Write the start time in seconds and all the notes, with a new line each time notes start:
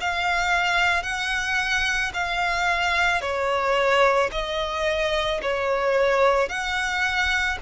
0.00 F5
1.03 F#5
2.13 F5
3.21 C#5
4.31 D#5
5.42 C#5
6.49 F#5